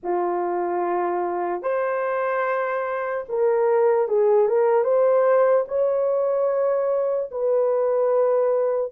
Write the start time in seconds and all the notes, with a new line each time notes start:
0.03 F4
1.62 C5
3.28 A#4
4.08 G#4
4.48 A#4
4.84 C5
5.68 C#5
7.31 B4